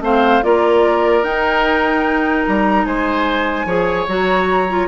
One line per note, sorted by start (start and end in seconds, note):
0.00 0.41 A3
0.00 0.42 C4
0.00 0.44 C5
0.00 0.43 F5
0.42 1.23 A#3
0.42 1.23 F4
0.42 2.85 A#4
0.42 1.23 D5
1.23 2.44 D#4
1.23 3.67 D#4
1.23 2.45 G5
2.45 2.85 G3
2.45 2.85 A#5
2.85 3.65 G#3
2.85 3.66 C5
2.85 4.07 G#5
3.65 4.05 F3
3.65 4.07 G#4
3.65 4.87 C#5
4.07 4.88 F#3
4.07 4.68 F#4
4.07 4.88 A#5
4.69 4.88 F4